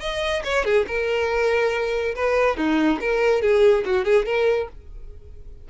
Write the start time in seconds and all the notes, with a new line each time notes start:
0.00 D#5
0.44 C#5
0.64 G#4
0.87 A#4
2.15 B4
2.57 D#4
3.01 A#4
3.42 G#4
3.85 F#4
4.05 G#4
4.26 A#4